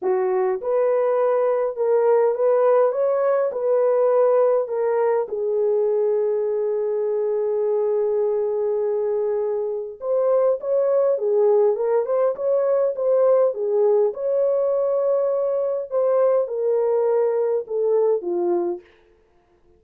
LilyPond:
\new Staff \with { instrumentName = "horn" } { \time 4/4 \tempo 4 = 102 fis'4 b'2 ais'4 | b'4 cis''4 b'2 | ais'4 gis'2.~ | gis'1~ |
gis'4 c''4 cis''4 gis'4 | ais'8 c''8 cis''4 c''4 gis'4 | cis''2. c''4 | ais'2 a'4 f'4 | }